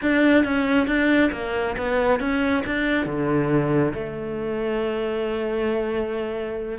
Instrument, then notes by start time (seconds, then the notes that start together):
cello
0.02 D4
0.44 C#4
0.87 D4
1.32 A#3
1.77 B3
2.20 C#4
2.66 D4
3.05 D3
3.94 A3